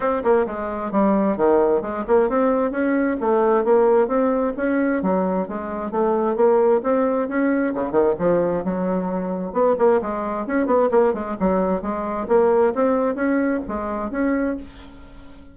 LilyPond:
\new Staff \with { instrumentName = "bassoon" } { \time 4/4 \tempo 4 = 132 c'8 ais8 gis4 g4 dis4 | gis8 ais8 c'4 cis'4 a4 | ais4 c'4 cis'4 fis4 | gis4 a4 ais4 c'4 |
cis'4 cis8 dis8 f4 fis4~ | fis4 b8 ais8 gis4 cis'8 b8 | ais8 gis8 fis4 gis4 ais4 | c'4 cis'4 gis4 cis'4 | }